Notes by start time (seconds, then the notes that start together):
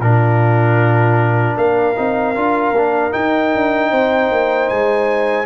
0.00 A#2 D4 F4 A#4
1.57 A#3 A#4 F5
1.96 C4 D#4
2.35 D4 F4
2.71 A#3 D4
3.11 D#4 G5
3.55 D4
3.91 C4 C5
4.31 A#3
4.69 G#3 G#5